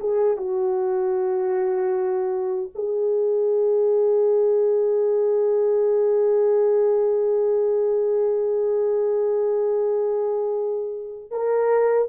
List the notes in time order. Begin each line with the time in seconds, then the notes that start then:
0.00 G#4
0.37 F#4
2.75 G#4
11.31 A#4